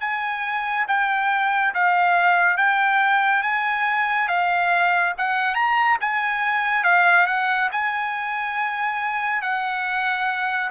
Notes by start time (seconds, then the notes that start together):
0.00 G#5
0.88 G5
1.74 F5
2.57 G5
3.42 G#5
4.28 F5
5.18 F#5
5.54 A#5
6.00 G#5
6.83 F5
7.26 F#5
7.71 G#5
9.41 F#5